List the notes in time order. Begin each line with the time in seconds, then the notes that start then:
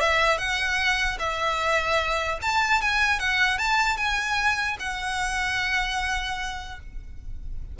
0.00 E5
0.38 F#5
1.19 E5
2.41 A5
2.81 G#5
3.19 F#5
3.58 A5
3.97 G#5
4.79 F#5